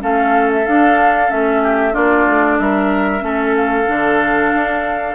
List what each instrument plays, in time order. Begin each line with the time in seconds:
0.00 bassoon A3, clarinet C#4, oboe A4, flute F5
0.52 flute E5
0.67 bassoon D4, clarinet D4, flute F5
1.29 bassoon A3, clarinet C#4, flute E5
1.63 oboe G4
1.92 bassoon A#3, clarinet D4, oboe F4, flute D5
2.27 bassoon A3
2.59 bassoon G3, oboe A#4, flute E5
3.20 bassoon A3, clarinet C#4, oboe A4
3.56 flute F5
3.87 bassoon D3, clarinet D4
4.55 bassoon D4